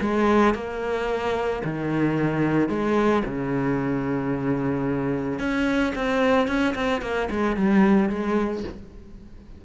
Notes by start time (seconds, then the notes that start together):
0.00 G#3
0.54 A#3
1.64 D#3
2.68 G#3
3.25 C#3
5.39 C#4
5.95 C4
6.47 C#4
6.75 C4
7.01 A#3
7.30 G#3
7.56 G3
8.09 G#3